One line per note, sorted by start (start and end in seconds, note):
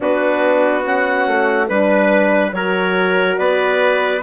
0.00 1.27 B3
0.00 0.83 D4
0.00 1.69 F#4
0.00 0.85 B4
0.83 1.68 C#4
0.83 1.67 F#5
1.27 1.69 A3
1.67 2.52 G3
1.67 2.53 D4
1.67 2.51 B4
1.67 2.53 B4
2.52 3.37 F#3
2.52 4.23 F#4
2.52 3.38 A#4
2.52 3.37 C#5
3.37 4.23 B3
3.37 4.23 B4
3.37 4.22 D5